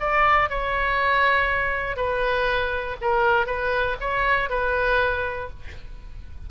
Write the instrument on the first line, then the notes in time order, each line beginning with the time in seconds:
oboe
0.00 D5
0.50 C#5
1.97 B4
3.01 A#4
3.46 B4
4.01 C#5
4.50 B4